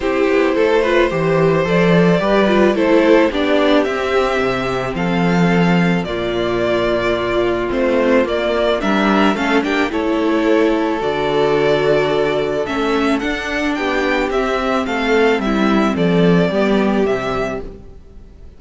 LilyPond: <<
  \new Staff \with { instrumentName = "violin" } { \time 4/4 \tempo 4 = 109 c''2. d''4~ | d''4 c''4 d''4 e''4~ | e''4 f''2 d''4~ | d''2 c''4 d''4 |
e''4 f''8 g''8 cis''2 | d''2. e''4 | fis''4 g''4 e''4 f''4 | e''4 d''2 e''4 | }
  \new Staff \with { instrumentName = "violin" } { \time 4/4 g'4 a'8 b'8 c''2 | b'4 a'4 g'2~ | g'4 a'2 f'4~ | f'1 |
ais'4 a'8 g'8 a'2~ | a'1~ | a'4 g'2 a'4 | e'4 a'4 g'2 | }
  \new Staff \with { instrumentName = "viola" } { \time 4/4 e'4. f'8 g'4 a'4 | g'8 f'8 e'4 d'4 c'4~ | c'2. ais4~ | ais2 c'4 ais4 |
d'4 cis'8 d'8 e'2 | fis'2. cis'4 | d'2 c'2~ | c'2 b4 g4 | }
  \new Staff \with { instrumentName = "cello" } { \time 4/4 c'8 b8 a4 e4 f4 | g4 a4 b4 c'4 | c4 f2 ais,4~ | ais,2 a4 ais4 |
g4 a8 ais8 a2 | d2. a4 | d'4 b4 c'4 a4 | g4 f4 g4 c4 | }
>>